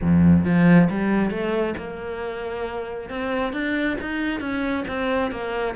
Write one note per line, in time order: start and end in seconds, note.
0.01 0.44 F2
0.44 0.88 F3
0.90 1.30 G3
1.30 1.74 A3
1.77 3.09 A#3
3.09 3.52 C4
3.52 3.96 D4
4.01 4.40 D#4
4.40 4.84 C#4
4.87 5.31 C4
5.31 5.75 A#3